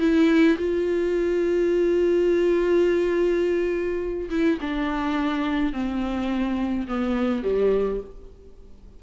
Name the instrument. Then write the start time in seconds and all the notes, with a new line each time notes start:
viola
0.00 E4
0.58 F4
4.30 E4
4.61 D4
5.73 C4
6.88 B3
7.44 G3